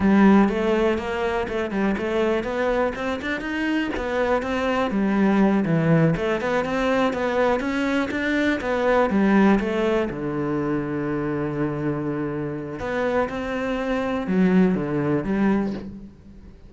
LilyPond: \new Staff \with { instrumentName = "cello" } { \time 4/4 \tempo 4 = 122 g4 a4 ais4 a8 g8 | a4 b4 c'8 d'8 dis'4 | b4 c'4 g4. e8~ | e8 a8 b8 c'4 b4 cis'8~ |
cis'8 d'4 b4 g4 a8~ | a8 d2.~ d8~ | d2 b4 c'4~ | c'4 fis4 d4 g4 | }